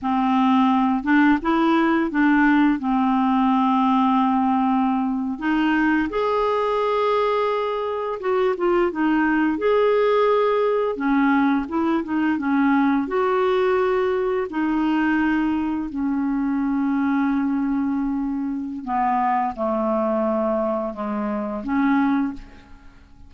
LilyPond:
\new Staff \with { instrumentName = "clarinet" } { \time 4/4 \tempo 4 = 86 c'4. d'8 e'4 d'4 | c'2.~ c'8. dis'16~ | dis'8. gis'2. fis'16~ | fis'16 f'8 dis'4 gis'2 cis'16~ |
cis'8. e'8 dis'8 cis'4 fis'4~ fis'16~ | fis'8. dis'2 cis'4~ cis'16~ | cis'2. b4 | a2 gis4 cis'4 | }